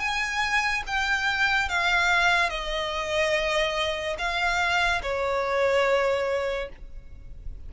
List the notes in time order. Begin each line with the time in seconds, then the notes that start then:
0.00 G#5
0.87 G5
1.69 F5
2.50 D#5
4.19 F5
5.03 C#5